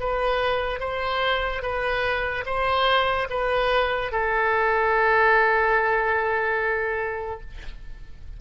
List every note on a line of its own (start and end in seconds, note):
0.00 0.80 B4
0.80 1.62 C5
1.62 2.44 B4
2.46 3.28 C5
3.30 4.12 B4
4.12 7.41 A4